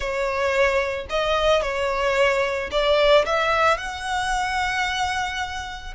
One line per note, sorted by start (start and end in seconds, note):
0.00 1.06 C#5
1.09 1.62 D#5
1.62 2.70 C#5
2.71 3.25 D5
3.25 3.77 E5
3.77 5.93 F#5